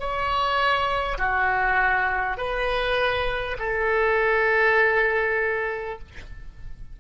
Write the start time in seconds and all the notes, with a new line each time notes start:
0.00 C#5
1.18 F#4
2.38 B4
3.59 A4